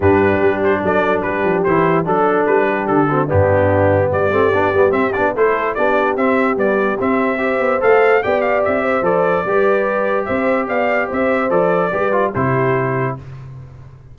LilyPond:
<<
  \new Staff \with { instrumentName = "trumpet" } { \time 4/4 \tempo 4 = 146 b'4. c''8 d''4 b'4 | c''4 a'4 b'4 a'4 | g'2 d''2 | e''8 d''8 c''4 d''4 e''4 |
d''4 e''2 f''4 | g''8 f''8 e''4 d''2~ | d''4 e''4 f''4 e''4 | d''2 c''2 | }
  \new Staff \with { instrumentName = "horn" } { \time 4/4 g'2 a'4 g'4~ | g'4 a'4. g'4 fis'8 | d'2 g'2~ | g'4 a'4 g'2~ |
g'2 c''2 | d''4. c''4. b'4~ | b'4 c''4 d''4 c''4~ | c''4 b'4 g'2 | }
  \new Staff \with { instrumentName = "trombone" } { \time 4/4 d'1 | e'4 d'2~ d'8 c'8 | b2~ b8 c'8 d'8 b8 | c'8 d'8 e'4 d'4 c'4 |
g4 c'4 g'4 a'4 | g'2 a'4 g'4~ | g'1 | a'4 g'8 f'8 e'2 | }
  \new Staff \with { instrumentName = "tuba" } { \time 4/4 g,4 g4 fis4 g8 f8 | e4 fis4 g4 d4 | g,2 g8 a8 b8 g8 | c'8 b8 a4 b4 c'4 |
b4 c'4. b8 a4 | b4 c'4 f4 g4~ | g4 c'4 b4 c'4 | f4 g4 c2 | }
>>